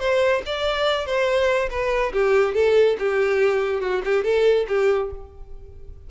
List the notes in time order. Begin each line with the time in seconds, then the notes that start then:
0.00 C5
0.46 D5
1.06 C5
1.71 B4
2.13 G4
2.55 A4
2.99 G4
3.81 F#4
4.05 G4
4.24 A4
4.68 G4